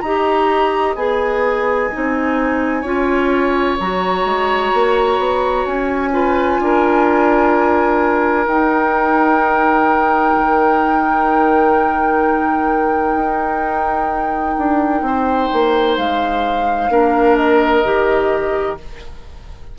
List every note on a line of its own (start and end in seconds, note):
0.00 0.96 D#4
0.00 0.97 G4
0.00 2.81 D#5
0.00 0.94 A#5
0.96 1.89 B3
0.96 1.91 G#4
0.96 3.77 G#5
1.92 2.84 C4
1.92 2.84 D#4
2.81 3.77 C#4
2.81 3.78 F4
2.81 6.09 C#5
3.79 4.25 F#3
3.79 6.11 F#4
3.79 5.66 A#5
4.25 4.72 G#3
4.74 5.18 A#3
5.18 5.65 B3
5.66 6.59 C#4
5.66 8.47 G#5
6.11 8.46 F4
6.11 6.60 B4
6.60 8.46 D4
6.60 15.06 A#4
8.46 10.34 D#4
8.46 16.90 D#4
8.46 15.97 G5
10.35 13.15 D#3
13.15 14.55 D#4
14.58 15.02 D4
15.02 15.48 C4
15.02 16.91 C5
15.53 15.98 A#3
15.97 16.89 G#3
15.97 17.36 F5
16.89 17.83 A#3
16.89 17.84 D4
16.89 18.78 A#4
17.36 18.77 D#5
17.84 18.78 D#3
17.84 18.78 G4